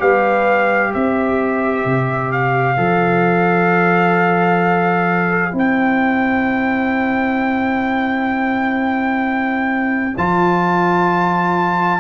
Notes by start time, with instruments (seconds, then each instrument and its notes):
0.00 tuba G3, trombone G4, horn B4, trumpet F5
0.93 tuba C4, horn C5, trumpet E5
1.86 tuba C3
2.32 trumpet F5
2.77 tuba F3, trombone A4
5.51 tuba C4, trombone E4
5.59 trumpet G5
10.17 tuba F3, trombone F4, trumpet A5